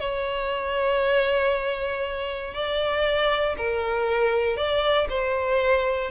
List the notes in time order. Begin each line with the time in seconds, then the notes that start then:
0.00 C#5
2.54 D5
3.58 A#4
4.57 D5
5.09 C5